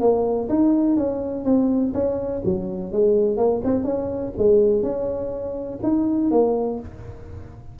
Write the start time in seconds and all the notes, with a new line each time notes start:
0.00 A#3
0.48 D#4
0.96 C#4
1.44 C4
1.93 C#4
2.44 F#3
2.92 G#3
3.37 A#3
3.64 C4
3.84 C#4
4.37 G#3
4.82 C#4
5.82 D#4
6.31 A#3